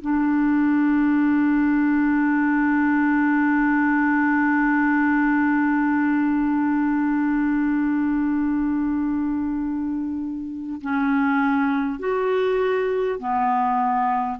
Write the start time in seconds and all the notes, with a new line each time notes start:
0.00 D4
10.81 C#4
11.99 F#4
13.19 B3